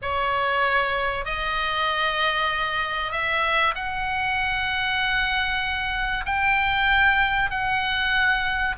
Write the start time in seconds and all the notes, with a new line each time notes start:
0.02 C#5
1.25 D#5
3.11 E5
3.74 F#5
6.25 G5
7.50 F#5